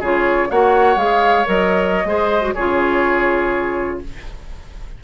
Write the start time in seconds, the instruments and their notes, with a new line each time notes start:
0.00 bassoon C#3, clarinet F4, oboe G#4, flute C#5
0.50 bassoon A#3, clarinet F#4, oboe C#5, flute F#5
0.96 bassoon G#3, clarinet G#4, flute F5
1.46 bassoon F#3, clarinet A#4, flute D#5
2.05 bassoon G#3, clarinet G#4, oboe C5
2.42 clarinet F#4
2.54 bassoon C#3, clarinet F4, oboe G#4, flute C#5